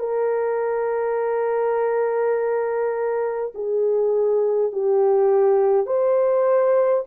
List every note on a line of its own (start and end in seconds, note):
0.00 3.53 A#4
3.55 4.72 G#4
4.72 5.87 G4
5.87 7.04 C5